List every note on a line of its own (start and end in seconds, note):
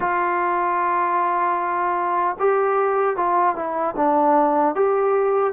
0.00 2.36 F4
2.39 3.16 G4
3.16 3.55 F4
3.55 3.95 E4
3.96 4.75 D4
4.75 5.53 G4